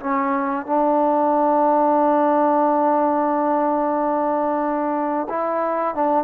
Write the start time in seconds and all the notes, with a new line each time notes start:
0.00 C#4
0.66 D4
5.30 E4
5.95 D4